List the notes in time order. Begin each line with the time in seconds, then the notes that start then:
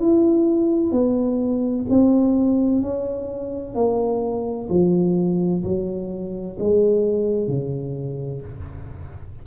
0.00 E4
0.92 B3
1.90 C4
2.82 C#4
3.75 A#3
4.70 F3
5.64 F#3
6.60 G#3
7.48 C#3